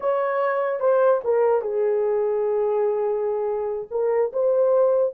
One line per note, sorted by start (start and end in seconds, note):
0.00 0.79 C#5
0.79 1.20 C5
1.24 1.61 A#4
1.61 3.87 G#4
3.91 4.32 A#4
4.33 5.14 C5